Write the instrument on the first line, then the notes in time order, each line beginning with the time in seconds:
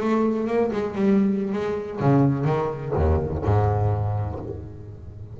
double bass
0.00 A3
0.47 A#3
0.72 G#3
0.95 G3
1.52 G#3
2.00 C#3
2.45 D#3
2.95 D#2
3.45 G#2